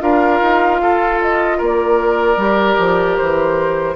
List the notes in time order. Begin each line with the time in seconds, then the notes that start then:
0.00 D4 F4 A#4 F5
0.42 D#4
0.82 F4 A4
1.22 D#5
1.58 A#3 A#4
1.65 D5
2.37 G3 G4
2.79 F3
3.18 E3 C5